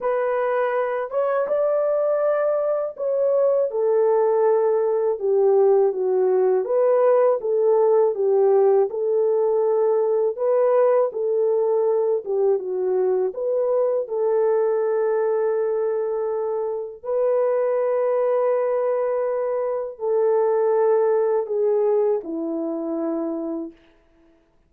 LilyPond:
\new Staff \with { instrumentName = "horn" } { \time 4/4 \tempo 4 = 81 b'4. cis''8 d''2 | cis''4 a'2 g'4 | fis'4 b'4 a'4 g'4 | a'2 b'4 a'4~ |
a'8 g'8 fis'4 b'4 a'4~ | a'2. b'4~ | b'2. a'4~ | a'4 gis'4 e'2 | }